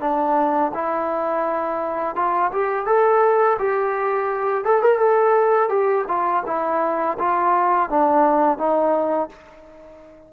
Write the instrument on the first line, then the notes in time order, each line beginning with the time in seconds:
trombone
0.00 D4
0.74 E4
2.16 F4
2.52 G4
2.86 A4
3.59 G4
4.65 A4
4.82 A#4
4.98 A4
5.69 G4
6.08 F4
6.46 E4
7.19 F4
7.90 D4
8.58 D#4